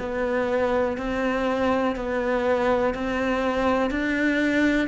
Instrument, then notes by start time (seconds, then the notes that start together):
cello
0.00 B3
0.98 C4
1.96 B3
2.95 C4
3.91 D4